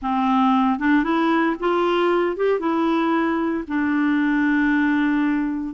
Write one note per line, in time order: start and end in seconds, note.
0.01 0.79 C4
0.79 1.03 D4
1.03 1.56 E4
1.59 2.36 F4
2.36 2.59 G4
2.59 3.64 E4
3.67 5.74 D4